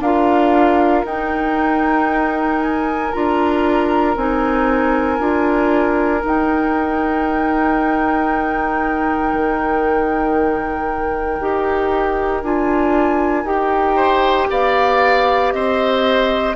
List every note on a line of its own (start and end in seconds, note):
0.00 1.03 D4
0.00 1.05 F4
0.00 13.95 A#4
0.00 1.05 F5
1.04 3.11 D#4
1.04 3.12 D#4
1.04 2.60 G5
2.60 3.12 G#5
3.12 4.16 D4
3.12 4.16 F4
3.12 4.16 A#5
4.16 5.19 C4
4.16 5.19 D#4
4.16 6.24 G#5
5.19 6.23 D4
5.19 6.21 F4
6.21 11.39 D#4
6.21 9.33 D#4
6.21 12.44 G5
9.33 11.40 D#3
11.40 12.43 D#4
11.40 12.43 G4
12.43 13.44 D4
12.43 13.44 F4
12.43 13.47 G#5
13.44 14.48 D#4
13.44 16.55 G4
13.44 14.50 G5
13.95 14.47 C5
14.50 15.53 B3
14.50 15.53 D5
14.50 15.52 F5
15.52 16.55 C4
15.52 16.55 C5
15.52 16.55 D#5